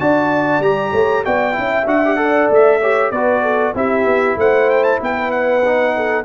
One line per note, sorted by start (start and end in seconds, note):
0.00 0.59 D4
0.00 0.62 F#4
0.00 0.93 D5
0.00 0.62 A5
0.59 0.90 G3
0.59 1.25 G4
0.59 1.24 A#5
0.92 1.24 A3
0.92 1.24 C#5
1.25 1.58 B3
1.25 1.52 F#4
1.25 1.56 D5
1.25 1.87 G5
1.52 1.86 C#4
1.52 1.84 E4
1.59 2.21 E5
1.86 2.48 D4
1.86 2.02 F#4
1.86 2.50 F#5
2.05 2.17 G4
2.17 2.79 A4
2.17 2.80 D5
2.50 3.11 A3
2.50 3.11 E5
2.80 3.13 G4
2.80 3.12 C#5
3.11 3.74 B3
3.11 3.75 F#4
3.11 3.42 B4
3.11 3.74 D5
3.42 3.74 A4
3.74 4.05 C4
3.74 5.62 E4
3.74 4.38 G4
3.74 4.39 E5
4.05 4.36 B3
4.36 4.99 A3
4.36 5.00 C5
4.36 4.70 F#5
4.70 4.84 G5
4.84 4.99 A5
5.00 6.25 B3
5.00 5.94 B4
5.00 5.31 G5
5.31 6.25 F#5
5.65 6.25 D#4
5.96 6.25 A4